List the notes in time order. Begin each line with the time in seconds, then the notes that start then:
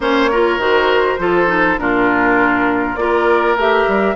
0.00 A#3 C#4 C5 C#5
0.31 F4 A#4
0.57 D#3 F#4 C5
1.18 F3 F4 A4
1.47 D#4
1.78 A#2 D4 F4 A#4
2.96 A#3 F4 A#4 D5
3.56 A3 G4 E5
3.87 G3